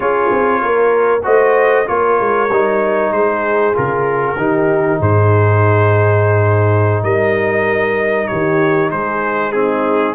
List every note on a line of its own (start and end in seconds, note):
0.00 0.30 C#4
0.00 1.20 F4
0.00 0.60 G#4
0.00 1.22 C#5
0.31 0.61 C4
0.61 1.23 A#3
0.61 1.24 A#4
1.23 1.88 A3
1.23 1.85 F#4
1.23 1.86 C5
1.23 1.88 D#5
1.86 2.20 A#3
1.86 2.48 F4
1.86 3.13 A#4
1.86 3.12 C#5
2.20 2.50 G#3
2.50 3.11 G3
2.50 3.74 D#4
3.11 3.74 G#3
3.11 4.38 G#4
3.11 3.75 C5
3.74 4.37 C#3
3.74 4.36 F4
3.74 5.01 A#4
4.37 4.99 D#3
4.37 9.52 D#4
4.37 4.99 G4
4.99 7.03 G#2
4.99 7.03 G#4
4.99 7.03 C5
7.03 8.28 G3
7.03 8.28 A#4
7.03 8.27 D#5
8.27 8.91 D#3
8.27 8.90 G4
8.27 8.89 C#5
8.90 10.15 G#3
8.90 9.53 G#4
8.90 9.51 C5
9.51 10.15 C4
9.51 10.15 D#4
9.51 10.14 G#4